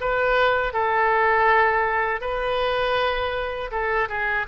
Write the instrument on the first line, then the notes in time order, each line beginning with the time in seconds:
oboe
0.00 B4
0.73 A4
2.20 B4
3.71 A4
4.08 G#4